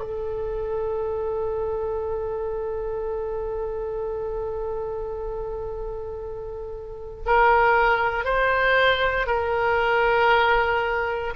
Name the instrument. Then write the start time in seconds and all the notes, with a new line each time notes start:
oboe
0.00 A4
7.26 A#4
8.25 C5
9.27 A#4